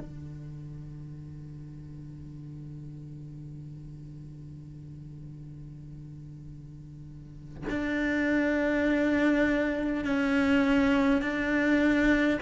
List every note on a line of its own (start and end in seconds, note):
0.00 7.65 D3
7.70 10.05 D4
10.05 11.22 C#4
11.22 12.40 D4